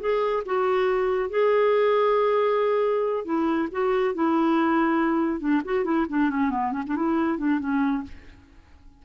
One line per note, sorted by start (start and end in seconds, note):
0.00 0.43 G#4
0.46 1.30 F#4
1.30 3.25 G#4
3.25 3.69 E4
3.72 4.15 F#4
4.15 5.40 E4
5.40 5.62 D4
5.65 5.84 F#4
5.84 6.06 E4
6.09 6.30 D4
6.30 6.51 C#4
6.51 6.72 B3
6.72 6.83 C#4
6.87 6.96 D4
6.96 7.38 E4
7.38 7.60 D4
7.60 8.04 C#4